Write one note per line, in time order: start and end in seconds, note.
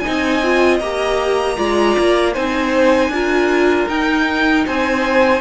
0.00 0.43 D#4
0.00 1.57 D#5
0.00 0.77 G#5
0.08 0.80 C4
0.43 0.82 F4
0.80 1.57 A#3
0.80 1.57 G4
0.80 2.34 A#5
1.57 1.97 G#3
1.57 2.34 F4
1.57 2.34 D5
1.98 2.36 A#3
2.34 3.09 C4
2.34 3.12 D#4
2.34 3.11 C5
2.34 3.88 G#5
3.09 3.86 D4
3.09 3.89 F4
3.09 4.66 A#4
3.88 4.65 D#4
3.88 5.41 D#4
3.88 4.66 G5
4.66 5.41 C4
4.66 5.41 C5
4.66 5.41 G#5